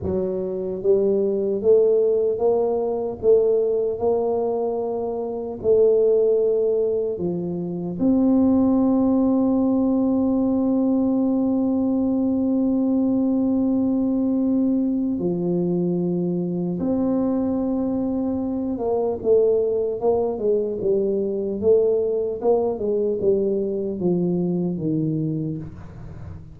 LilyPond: \new Staff \with { instrumentName = "tuba" } { \time 4/4 \tempo 4 = 75 fis4 g4 a4 ais4 | a4 ais2 a4~ | a4 f4 c'2~ | c'1~ |
c'2. f4~ | f4 c'2~ c'8 ais8 | a4 ais8 gis8 g4 a4 | ais8 gis8 g4 f4 dis4 | }